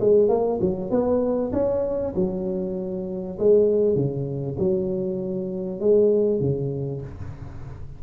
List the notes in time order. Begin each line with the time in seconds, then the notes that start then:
0.00 G#3
0.29 A#3
0.61 F#3
0.90 B3
1.53 C#4
2.15 F#3
3.39 G#3
3.96 C#3
4.59 F#3
5.81 G#3
6.40 C#3